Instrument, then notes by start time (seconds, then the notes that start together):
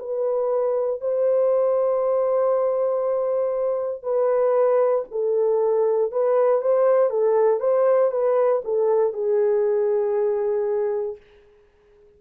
horn
0.00 B4
1.01 C5
4.03 B4
5.11 A4
6.12 B4
6.62 C5
7.10 A4
7.60 C5
8.12 B4
8.65 A4
9.14 G#4